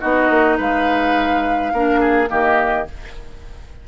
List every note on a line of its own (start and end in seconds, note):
0.00 0.30 B3
0.00 1.73 D#4
0.00 0.57 F#4
0.00 0.58 D#5
0.30 0.58 A#3
0.57 1.73 G#3
0.57 1.73 B4
0.57 2.30 F5
1.73 2.30 A#3
1.73 2.27 D4
1.73 2.00 A#4
2.00 2.29 G#4
2.27 2.88 D#3
2.27 2.85 A#3
2.27 2.88 G4
2.27 2.87 D#5